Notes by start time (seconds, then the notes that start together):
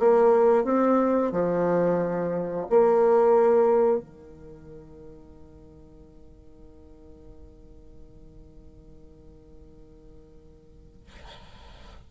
0.00 A#3
0.65 C4
1.32 F3
2.70 A#3
3.99 D#3